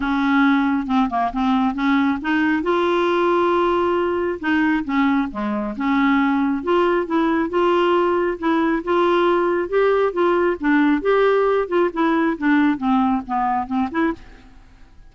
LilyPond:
\new Staff \with { instrumentName = "clarinet" } { \time 4/4 \tempo 4 = 136 cis'2 c'8 ais8 c'4 | cis'4 dis'4 f'2~ | f'2 dis'4 cis'4 | gis4 cis'2 f'4 |
e'4 f'2 e'4 | f'2 g'4 f'4 | d'4 g'4. f'8 e'4 | d'4 c'4 b4 c'8 e'8 | }